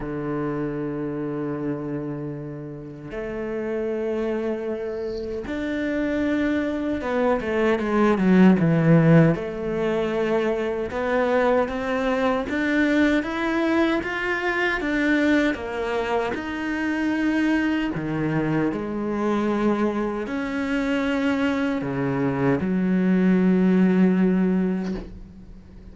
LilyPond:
\new Staff \with { instrumentName = "cello" } { \time 4/4 \tempo 4 = 77 d1 | a2. d'4~ | d'4 b8 a8 gis8 fis8 e4 | a2 b4 c'4 |
d'4 e'4 f'4 d'4 | ais4 dis'2 dis4 | gis2 cis'2 | cis4 fis2. | }